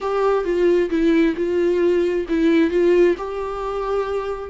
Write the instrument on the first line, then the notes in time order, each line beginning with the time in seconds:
viola
0.00 G4
0.44 F4
0.89 E4
1.36 F4
2.28 E4
2.70 F4
3.17 G4